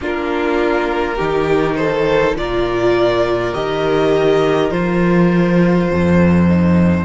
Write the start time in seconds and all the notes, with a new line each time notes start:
0.00 A#3 D4 F4 A#4
1.16 D#3 D#4 G4
1.76 A4 C5
2.35 A#2 F4 A#4 D5
3.53 D#3 G4 D#5
4.71 F3 F4 C5
5.90 F2 A4
6.48 D#4